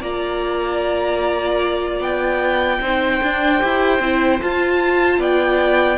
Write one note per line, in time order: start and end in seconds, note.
0.00 1.99 A#3
0.00 2.82 F4
0.00 2.80 D5
0.00 2.02 A#5
1.99 2.79 B3
1.99 4.41 G5
2.80 3.20 C4
2.80 3.22 D#4
2.80 5.19 C5
3.22 3.60 D4
3.22 3.62 D4
3.60 3.99 E4
3.60 4.00 G4
3.99 4.39 C4
3.99 4.40 E4
4.40 5.97 F4
4.40 5.18 F4
4.40 5.21 A5
5.18 5.97 B3
5.18 5.97 D5
5.18 5.97 G5